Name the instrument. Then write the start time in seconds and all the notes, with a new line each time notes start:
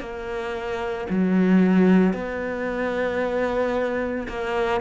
cello
0.00 A#3
1.10 F#3
2.13 B3
4.29 A#3